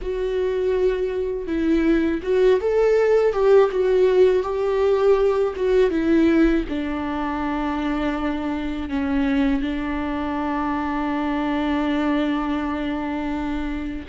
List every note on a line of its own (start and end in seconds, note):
0.01 1.46 F#4
1.46 2.21 E4
2.23 2.60 F#4
2.60 3.33 A4
3.33 3.70 G4
3.71 4.42 F#4
4.42 5.54 G4
5.56 5.90 F#4
5.90 6.64 E4
6.69 8.89 D4
8.89 9.61 C#4
9.61 14.05 D4